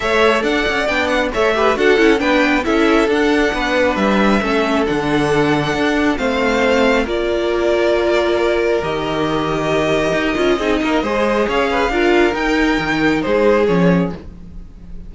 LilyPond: <<
  \new Staff \with { instrumentName = "violin" } { \time 4/4 \tempo 4 = 136 e''4 fis''4 g''8 fis''8 e''4 | fis''4 g''4 e''4 fis''4~ | fis''4 e''2 fis''4~ | fis''2 f''2 |
d''1 | dis''1~ | dis''2 f''2 | g''2 c''4 cis''4 | }
  \new Staff \with { instrumentName = "violin" } { \time 4/4 cis''4 d''2 cis''8 b'8 | a'4 b'4 a'2 | b'2 a'2~ | a'2 c''2 |
ais'1~ | ais'1 | gis'8 ais'8 c''4 cis''8 b'8 ais'4~ | ais'2 gis'2 | }
  \new Staff \with { instrumentName = "viola" } { \time 4/4 a'2 d'4 a'8 g'8 | fis'8 e'8 d'4 e'4 d'4~ | d'2 cis'4 d'4~ | d'2 c'2 |
f'1 | g'2.~ g'8 f'8 | dis'4 gis'2 f'4 | dis'2. cis'4 | }
  \new Staff \with { instrumentName = "cello" } { \time 4/4 a4 d'8 cis'8 b4 a4 | d'8 cis'8 b4 cis'4 d'4 | b4 g4 a4 d4~ | d4 d'4 a2 |
ais1 | dis2. dis'8 cis'8 | c'8 ais8 gis4 cis'4 d'4 | dis'4 dis4 gis4 f4 | }
>>